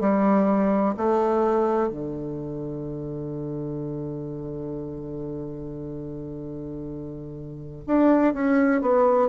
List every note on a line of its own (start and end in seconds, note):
0.00 0.95 G3
0.97 1.89 A3
1.89 7.84 D3
7.87 8.33 D4
8.33 8.81 C#4
8.81 9.28 B3